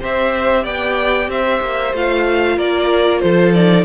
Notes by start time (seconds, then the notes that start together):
0.00 C4 G4 C5 E5
0.63 B3 D5 G5
1.28 C4 C5 E5
1.61 A#3
1.93 A3 F4 F5
2.56 A#3 A#4 D5
3.20 F3 A4 C5
3.54 D#4 D5